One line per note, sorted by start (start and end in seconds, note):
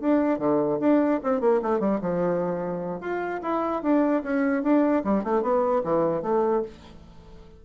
0.00 0.39 D4
0.39 0.79 D3
0.80 1.20 D4
1.23 1.41 C4
1.41 1.61 A#3
1.62 1.80 A3
1.80 2.00 G3
2.01 3.00 F3
3.00 3.41 F4
3.42 3.82 E4
3.82 4.23 D4
4.23 4.63 C#4
4.63 5.03 D4
5.04 5.24 G3
5.24 5.42 A3
5.42 5.82 B3
5.84 6.22 E3
6.22 6.63 A3